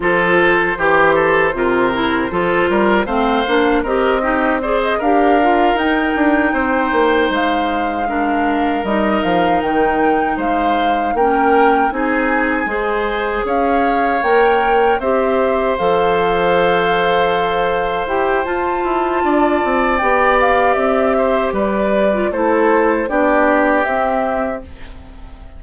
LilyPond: <<
  \new Staff \with { instrumentName = "flute" } { \time 4/4 \tempo 4 = 78 c''1 | f''4 dis''4 d''16 dis''16 f''4 g''8~ | g''4. f''2 dis''8 | f''8 g''4 f''4 g''4 gis''8~ |
gis''4. f''4 g''4 e''8~ | e''8 f''2. g''8 | a''2 g''8 f''8 e''4 | d''4 c''4 d''4 e''4 | }
  \new Staff \with { instrumentName = "oboe" } { \time 4/4 a'4 g'8 a'8 ais'4 a'8 ais'8 | c''4 ais'8 g'8 c''8 ais'4.~ | ais'8 c''2 ais'4.~ | ais'4. c''4 ais'4 gis'8~ |
gis'8 c''4 cis''2 c''8~ | c''1~ | c''4 d''2~ d''8 c''8 | b'4 a'4 g'2 | }
  \new Staff \with { instrumentName = "clarinet" } { \time 4/4 f'4 g'4 f'8 e'8 f'4 | c'8 d'8 g'8 dis'8 gis'8 g'8 f'8 dis'8~ | dis'2~ dis'8 d'4 dis'8~ | dis'2~ dis'8 cis'4 dis'8~ |
dis'8 gis'2 ais'4 g'8~ | g'8 a'2. g'8 | f'2 g'2~ | g'8. f'16 e'4 d'4 c'4 | }
  \new Staff \with { instrumentName = "bassoon" } { \time 4/4 f4 e4 c4 f8 g8 | a8 ais8 c'4. d'4 dis'8 | d'8 c'8 ais8 gis2 g8 | f8 dis4 gis4 ais4 c'8~ |
c'8 gis4 cis'4 ais4 c'8~ | c'8 f2. e'8 | f'8 e'8 d'8 c'8 b4 c'4 | g4 a4 b4 c'4 | }
>>